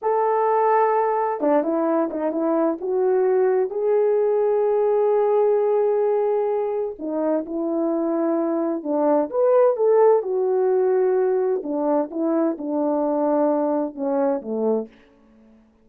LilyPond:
\new Staff \with { instrumentName = "horn" } { \time 4/4 \tempo 4 = 129 a'2. d'8 e'8~ | e'8 dis'8 e'4 fis'2 | gis'1~ | gis'2. dis'4 |
e'2. d'4 | b'4 a'4 fis'2~ | fis'4 d'4 e'4 d'4~ | d'2 cis'4 a4 | }